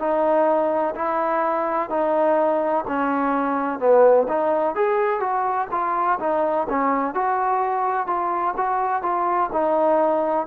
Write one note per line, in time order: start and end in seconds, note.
0.00 0.95 D#4
0.96 1.90 E4
1.90 2.85 D#4
2.88 3.80 C#4
3.80 4.27 B3
4.29 4.76 D#4
4.76 5.20 G#4
5.20 5.68 F#4
5.71 6.19 F4
6.20 6.68 D#4
6.70 7.15 C#4
7.15 8.07 F#4
8.07 8.55 F4
8.57 9.03 F#4
9.03 9.51 F4
9.53 10.47 D#4